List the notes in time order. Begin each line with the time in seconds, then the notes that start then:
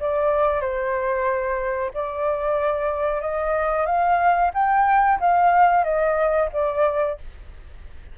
0.00 D5
0.61 C5
1.94 D5
3.21 D#5
3.86 F5
4.54 G5
5.20 F5
5.84 D#5
6.53 D5